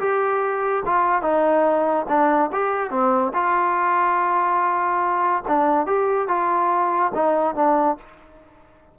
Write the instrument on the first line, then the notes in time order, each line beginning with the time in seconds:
trombone
0.00 G4
0.86 F4
1.23 D#4
2.09 D4
2.53 G4
2.91 C4
3.34 F4
5.48 D4
5.87 G4
6.29 F4
7.15 D#4
7.56 D4